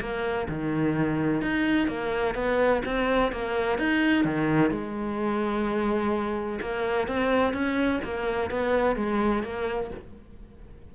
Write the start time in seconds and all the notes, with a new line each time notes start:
0.00 A#3
0.48 D#3
1.41 D#4
1.87 A#3
2.34 B3
2.85 C4
3.32 A#3
3.78 D#4
4.24 D#3
4.70 G#3
6.60 A#3
7.07 C4
7.53 C#4
8.04 A#3
8.50 B3
8.96 G#3
9.43 A#3